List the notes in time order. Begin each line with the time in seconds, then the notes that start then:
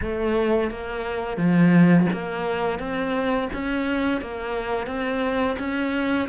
0.01 A3
0.70 A#3
1.37 F3
2.12 A#3
2.79 C4
3.53 C#4
4.21 A#3
4.86 C4
5.58 C#4